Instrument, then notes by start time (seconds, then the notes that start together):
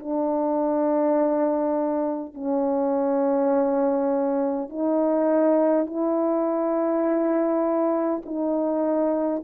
horn
0.00 D4
2.35 C#4
4.70 D#4
5.87 E4
8.26 D#4